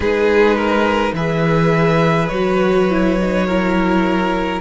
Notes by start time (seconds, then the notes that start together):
0.00 G#3 D#4 G#4 B4
0.56 A#4
1.12 E3 G#4 B4 E5
2.28 F#3 F#4 C#5
2.90 E4
3.20 D#4
3.46 E4 A#4